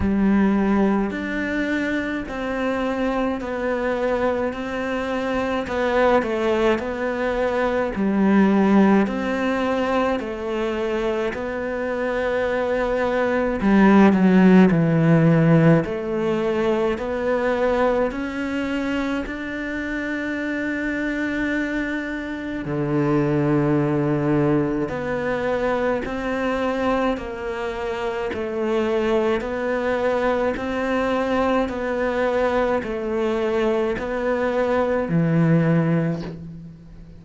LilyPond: \new Staff \with { instrumentName = "cello" } { \time 4/4 \tempo 4 = 53 g4 d'4 c'4 b4 | c'4 b8 a8 b4 g4 | c'4 a4 b2 | g8 fis8 e4 a4 b4 |
cis'4 d'2. | d2 b4 c'4 | ais4 a4 b4 c'4 | b4 a4 b4 e4 | }